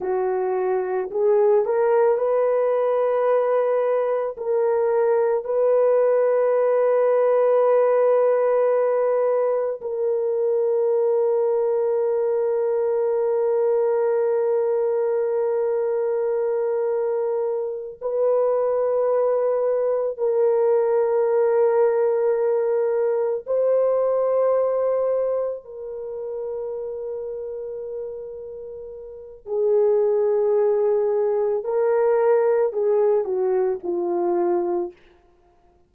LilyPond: \new Staff \with { instrumentName = "horn" } { \time 4/4 \tempo 4 = 55 fis'4 gis'8 ais'8 b'2 | ais'4 b'2.~ | b'4 ais'2.~ | ais'1~ |
ais'8 b'2 ais'4.~ | ais'4. c''2 ais'8~ | ais'2. gis'4~ | gis'4 ais'4 gis'8 fis'8 f'4 | }